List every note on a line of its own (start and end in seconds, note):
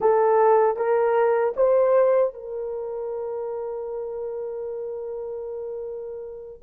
0.00 0.76 A4
0.76 1.54 A#4
1.56 2.34 C5
2.34 6.62 A#4